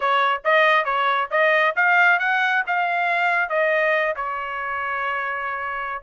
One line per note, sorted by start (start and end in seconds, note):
0.00 0.42 C#5
0.44 0.84 D#5
0.84 1.28 C#5
1.31 1.74 D#5
1.75 2.19 F5
2.19 2.63 F#5
2.66 3.49 F5
3.49 4.14 D#5
4.16 6.02 C#5